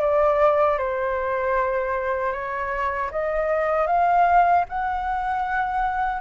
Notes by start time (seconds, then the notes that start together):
0.00 D5
0.78 C5
2.32 C#5
3.11 D#5
3.86 F5
4.69 F#5